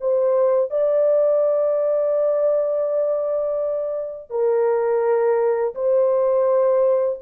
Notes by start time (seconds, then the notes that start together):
0.00 C5
0.70 D5
4.30 A#4
5.75 C5